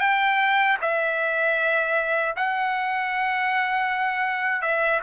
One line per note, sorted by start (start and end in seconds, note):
0.00 0.77 G5
0.81 2.35 E5
2.36 4.61 F#5
4.61 5.00 E5